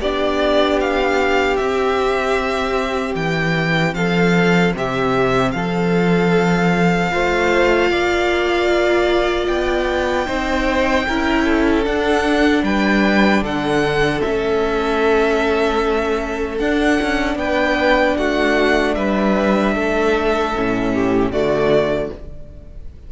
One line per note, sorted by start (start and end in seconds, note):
0.00 1.58 B3
0.00 1.59 D4
0.00 3.95 G4
0.00 0.79 D5
0.80 1.56 F5
1.56 3.15 C4
1.56 7.10 C4
1.56 3.14 E5
3.15 3.94 E3
3.15 3.94 G5
3.94 4.73 F3
3.94 4.75 A4
3.94 4.73 F5
4.75 5.54 C3
4.75 5.55 G4
4.75 5.51 E5
5.51 7.12 F3
5.51 7.11 A4
5.51 9.46 F5
7.10 7.90 A3
7.10 10.26 F4
7.10 7.90 C5
7.90 9.48 A#3
7.90 10.26 D5
9.47 10.27 B3
9.47 11.84 G5
10.26 11.06 C4
10.26 11.05 D#4
10.26 11.05 C5
11.08 11.87 C#4
11.08 11.84 E4
11.08 11.44 A#4
11.44 12.63 A4
11.84 14.21 D4
11.84 12.63 D4
11.84 12.64 F#5
12.63 13.41 G3
12.63 13.43 B4
12.63 13.43 G5
13.41 14.20 D3
13.41 17.38 A4
13.41 14.21 F#5
14.21 16.60 A3
14.21 16.60 C#4
14.21 16.58 E5
16.58 20.54 D4
16.58 17.00 D4
16.58 17.37 F#5
17.01 17.35 C#4
17.35 18.14 B3
17.35 18.17 B4
17.35 18.17 G5
18.17 18.96 A3
18.17 18.96 F#4
18.17 18.94 F#5
18.94 19.75 G3
18.94 19.75 B4
18.94 21.31 E5
19.75 20.54 A3
19.75 20.93 A4
20.55 21.30 A2
20.55 21.33 C#4
20.94 21.32 G4
21.30 22.09 D3
21.30 22.12 A3
21.30 22.11 F#4
21.30 22.11 D5